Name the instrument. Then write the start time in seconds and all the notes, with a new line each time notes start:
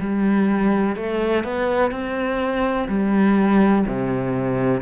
cello
0.00 G3
0.96 A3
1.44 B3
1.91 C4
2.88 G3
3.87 C3